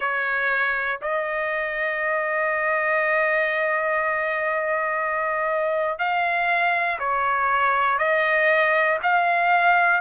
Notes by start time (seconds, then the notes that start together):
0.00 C#5
1.01 D#5
5.98 F5
6.99 C#5
7.98 D#5
9.02 F5